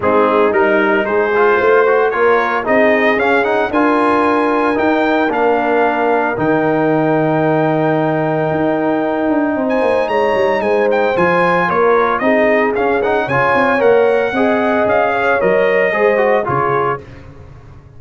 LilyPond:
<<
  \new Staff \with { instrumentName = "trumpet" } { \time 4/4 \tempo 4 = 113 gis'4 ais'4 c''2 | cis''4 dis''4 f''8 fis''8 gis''4~ | gis''4 g''4 f''2 | g''1~ |
g''2~ g''16 gis''8. ais''4 | gis''8 g''8 gis''4 cis''4 dis''4 | f''8 fis''8 gis''4 fis''2 | f''4 dis''2 cis''4 | }
  \new Staff \with { instrumentName = "horn" } { \time 4/4 dis'2 gis'4 c''4 | ais'4 gis'2 ais'4~ | ais'1~ | ais'1~ |
ais'2 c''4 cis''4 | c''2 ais'4 gis'4~ | gis'4 cis''2 dis''4~ | dis''8 cis''4. c''4 gis'4 | }
  \new Staff \with { instrumentName = "trombone" } { \time 4/4 c'4 dis'4. f'4 fis'8 | f'4 dis'4 cis'8 dis'8 f'4~ | f'4 dis'4 d'2 | dis'1~ |
dis'1~ | dis'4 f'2 dis'4 | cis'8 dis'8 f'4 ais'4 gis'4~ | gis'4 ais'4 gis'8 fis'8 f'4 | }
  \new Staff \with { instrumentName = "tuba" } { \time 4/4 gis4 g4 gis4 a4 | ais4 c'4 cis'4 d'4~ | d'4 dis'4 ais2 | dis1 |
dis'4. d'8 c'8 ais8 gis8 g8 | gis4 f4 ais4 c'4 | cis'4 cis8 c'8 ais4 c'4 | cis'4 fis4 gis4 cis4 | }
>>